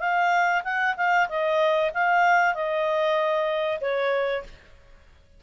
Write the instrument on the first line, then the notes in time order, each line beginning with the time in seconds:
clarinet
0.00 F5
0.64 F#5
0.97 F5
1.29 D#5
1.94 F5
2.55 D#5
3.81 C#5